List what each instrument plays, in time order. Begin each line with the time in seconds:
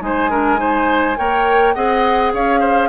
0.00 bassoon G#3, clarinet D#4, oboe C5, flute G#5
0.30 clarinet D4, oboe A#4
0.57 clarinet D#4, oboe C5
1.16 bassoon A#3, clarinet A#4, oboe C#5, flute G5
1.74 bassoon C4, clarinet G#4, oboe D#5, flute F#5
2.34 bassoon C#4, oboe C#5, flute F5
2.60 oboe C5